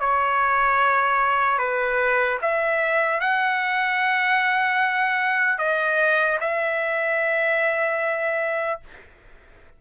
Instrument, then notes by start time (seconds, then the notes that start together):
trumpet
0.00 C#5
1.59 B4
2.42 E5
3.20 F#5
5.59 D#5
6.40 E5